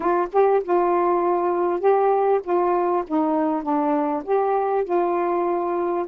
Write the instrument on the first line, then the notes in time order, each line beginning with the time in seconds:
saxophone
0.00 F4
0.32 G4
0.63 F4
1.79 G4
2.43 F4
3.07 D#4
3.62 D4
4.24 G4
4.84 F4